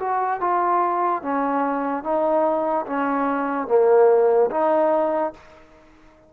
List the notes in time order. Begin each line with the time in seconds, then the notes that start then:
0.00 F#4
0.40 F4
1.23 C#4
2.04 D#4
2.87 C#4
3.68 A#3
4.51 D#4